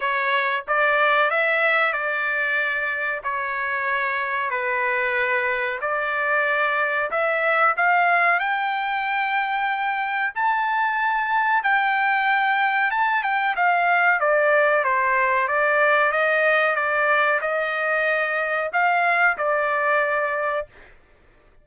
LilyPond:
\new Staff \with { instrumentName = "trumpet" } { \time 4/4 \tempo 4 = 93 cis''4 d''4 e''4 d''4~ | d''4 cis''2 b'4~ | b'4 d''2 e''4 | f''4 g''2. |
a''2 g''2 | a''8 g''8 f''4 d''4 c''4 | d''4 dis''4 d''4 dis''4~ | dis''4 f''4 d''2 | }